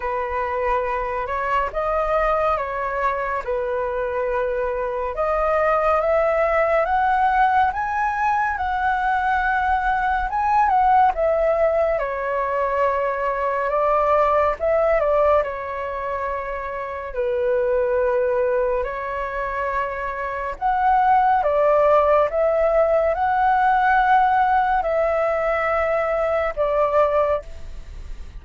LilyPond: \new Staff \with { instrumentName = "flute" } { \time 4/4 \tempo 4 = 70 b'4. cis''8 dis''4 cis''4 | b'2 dis''4 e''4 | fis''4 gis''4 fis''2 | gis''8 fis''8 e''4 cis''2 |
d''4 e''8 d''8 cis''2 | b'2 cis''2 | fis''4 d''4 e''4 fis''4~ | fis''4 e''2 d''4 | }